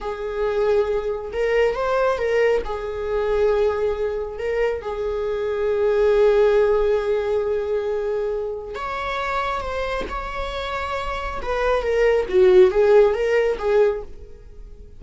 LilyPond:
\new Staff \with { instrumentName = "viola" } { \time 4/4 \tempo 4 = 137 gis'2. ais'4 | c''4 ais'4 gis'2~ | gis'2 ais'4 gis'4~ | gis'1~ |
gis'1 | cis''2 c''4 cis''4~ | cis''2 b'4 ais'4 | fis'4 gis'4 ais'4 gis'4 | }